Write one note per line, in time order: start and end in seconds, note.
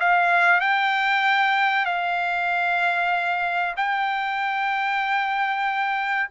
0.00 0.61 F5
0.61 1.86 G5
1.86 3.76 F5
3.77 6.30 G5